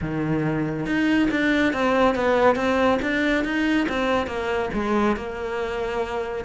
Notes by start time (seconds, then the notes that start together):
0.01 D#3
0.86 D#4
1.31 D4
1.73 C4
2.15 B3
2.55 C4
3.01 D4
3.44 D#4
3.88 C4
4.26 A#3
4.73 G#3
5.16 A#3